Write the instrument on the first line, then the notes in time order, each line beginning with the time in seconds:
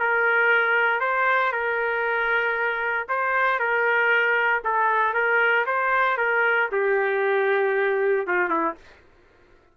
trumpet
0.00 A#4
1.01 C5
1.52 A#4
3.09 C5
3.59 A#4
4.64 A4
5.14 A#4
5.66 C5
6.18 A#4
6.72 G4
8.27 F4
8.50 E4